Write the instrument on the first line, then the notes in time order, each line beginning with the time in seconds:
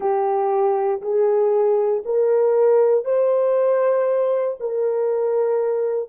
horn
0.00 G4
1.01 G#4
2.05 A#4
3.04 C5
4.59 A#4